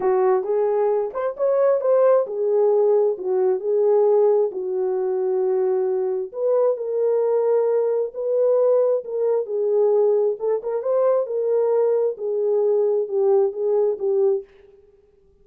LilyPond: \new Staff \with { instrumentName = "horn" } { \time 4/4 \tempo 4 = 133 fis'4 gis'4. c''8 cis''4 | c''4 gis'2 fis'4 | gis'2 fis'2~ | fis'2 b'4 ais'4~ |
ais'2 b'2 | ais'4 gis'2 a'8 ais'8 | c''4 ais'2 gis'4~ | gis'4 g'4 gis'4 g'4 | }